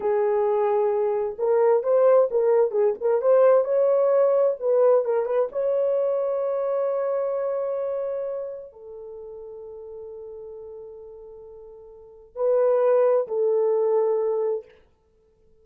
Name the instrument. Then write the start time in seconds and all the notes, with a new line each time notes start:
horn
0.00 G#4
1.38 A#4
1.83 C5
2.30 A#4
2.71 G#4
3.01 A#4
3.21 C5
3.64 C#5
4.59 B4
5.05 A#4
5.25 B4
5.51 C#5
8.72 A4
12.35 B4
13.27 A4